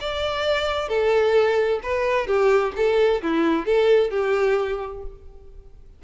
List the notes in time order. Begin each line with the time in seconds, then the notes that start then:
0.00 D5
0.88 A4
1.83 B4
2.27 G4
2.76 A4
3.22 E4
3.65 A4
4.10 G4